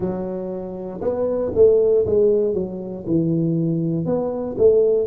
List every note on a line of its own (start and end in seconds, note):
0.00 1.00 F#3
1.01 1.52 B3
1.54 2.05 A3
2.06 2.54 G#3
2.54 3.05 F#3
3.06 4.05 E3
4.05 4.56 B3
4.58 5.07 A3